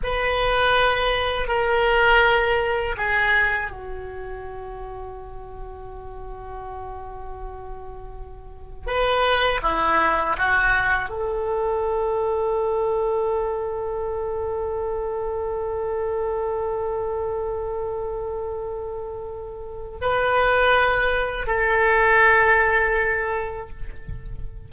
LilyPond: \new Staff \with { instrumentName = "oboe" } { \time 4/4 \tempo 4 = 81 b'2 ais'2 | gis'4 fis'2.~ | fis'1 | b'4 e'4 fis'4 a'4~ |
a'1~ | a'1~ | a'2. b'4~ | b'4 a'2. | }